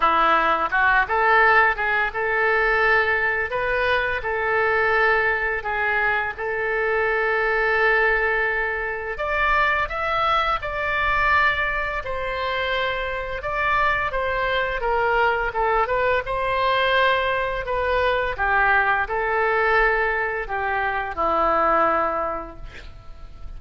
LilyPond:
\new Staff \with { instrumentName = "oboe" } { \time 4/4 \tempo 4 = 85 e'4 fis'8 a'4 gis'8 a'4~ | a'4 b'4 a'2 | gis'4 a'2.~ | a'4 d''4 e''4 d''4~ |
d''4 c''2 d''4 | c''4 ais'4 a'8 b'8 c''4~ | c''4 b'4 g'4 a'4~ | a'4 g'4 e'2 | }